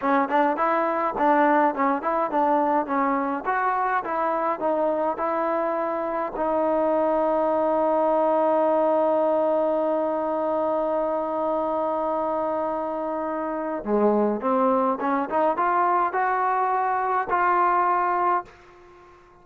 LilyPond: \new Staff \with { instrumentName = "trombone" } { \time 4/4 \tempo 4 = 104 cis'8 d'8 e'4 d'4 cis'8 e'8 | d'4 cis'4 fis'4 e'4 | dis'4 e'2 dis'4~ | dis'1~ |
dis'1~ | dis'1 | gis4 c'4 cis'8 dis'8 f'4 | fis'2 f'2 | }